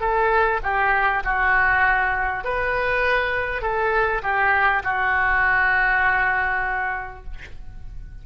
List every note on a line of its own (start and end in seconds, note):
0.00 0.60 A4
0.63 1.23 G4
1.24 2.44 F#4
2.44 3.62 B4
3.62 4.22 A4
4.22 4.82 G4
4.84 7.24 F#4